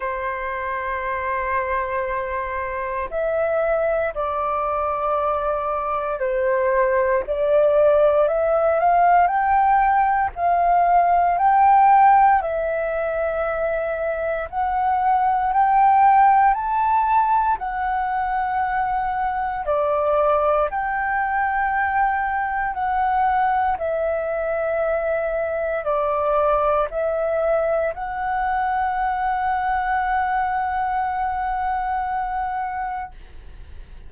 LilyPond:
\new Staff \with { instrumentName = "flute" } { \time 4/4 \tempo 4 = 58 c''2. e''4 | d''2 c''4 d''4 | e''8 f''8 g''4 f''4 g''4 | e''2 fis''4 g''4 |
a''4 fis''2 d''4 | g''2 fis''4 e''4~ | e''4 d''4 e''4 fis''4~ | fis''1 | }